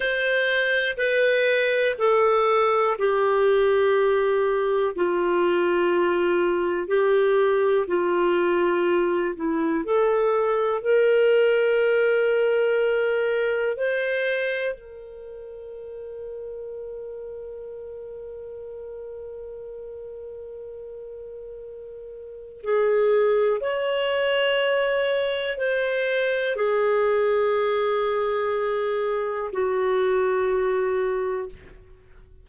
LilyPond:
\new Staff \with { instrumentName = "clarinet" } { \time 4/4 \tempo 4 = 61 c''4 b'4 a'4 g'4~ | g'4 f'2 g'4 | f'4. e'8 a'4 ais'4~ | ais'2 c''4 ais'4~ |
ais'1~ | ais'2. gis'4 | cis''2 c''4 gis'4~ | gis'2 fis'2 | }